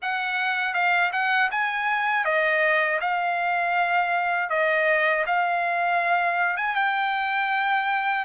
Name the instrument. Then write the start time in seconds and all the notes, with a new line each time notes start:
trumpet
0.01 F#5
0.73 F5
1.12 F#5
1.51 G#5
2.24 D#5
3.00 F5
4.49 D#5
5.26 F5
6.57 G#5
6.75 G5